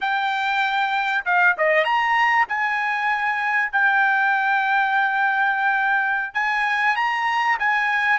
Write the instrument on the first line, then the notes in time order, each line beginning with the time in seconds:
trumpet
0.01 G5
1.25 F5
1.57 D#5
1.84 A#5
2.48 G#5
3.71 G5
6.34 G#5
6.96 A#5
7.59 G#5